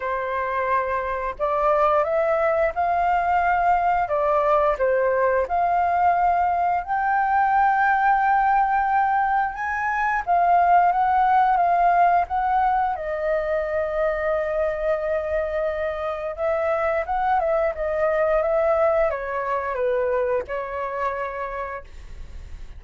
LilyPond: \new Staff \with { instrumentName = "flute" } { \time 4/4 \tempo 4 = 88 c''2 d''4 e''4 | f''2 d''4 c''4 | f''2 g''2~ | g''2 gis''4 f''4 |
fis''4 f''4 fis''4 dis''4~ | dis''1 | e''4 fis''8 e''8 dis''4 e''4 | cis''4 b'4 cis''2 | }